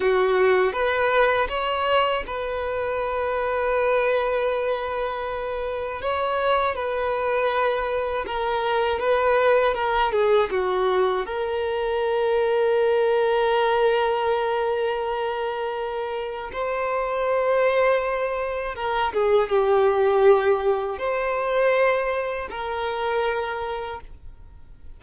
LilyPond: \new Staff \with { instrumentName = "violin" } { \time 4/4 \tempo 4 = 80 fis'4 b'4 cis''4 b'4~ | b'1 | cis''4 b'2 ais'4 | b'4 ais'8 gis'8 fis'4 ais'4~ |
ais'1~ | ais'2 c''2~ | c''4 ais'8 gis'8 g'2 | c''2 ais'2 | }